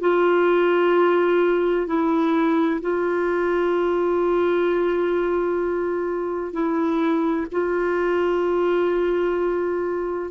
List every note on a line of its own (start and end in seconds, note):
0.00 1.87 F4
1.87 2.80 E4
2.81 6.52 F4
6.52 7.46 E4
7.51 10.31 F4